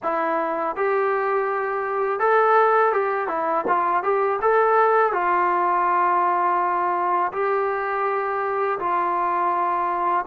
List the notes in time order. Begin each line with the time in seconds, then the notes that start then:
0.02 E4
0.75 G4
2.19 A4
2.92 G4
3.28 E4
3.68 F4
4.03 G4
4.41 A4
5.12 F4
7.32 G4
8.79 F4